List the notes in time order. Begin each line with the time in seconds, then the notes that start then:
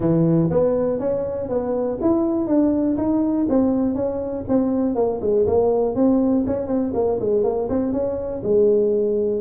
0.00 E3
0.50 B3
0.99 C#4
1.48 B3
2.01 E4
2.47 D4
2.97 D#4
3.49 C4
3.94 C#4
4.48 C4
4.95 A#3
5.21 G#3
5.46 A#3
5.95 C4
6.46 C#4
6.67 C4
6.94 A#3
7.19 G#3
7.43 A#3
7.69 C4
7.92 C#4
8.43 G#3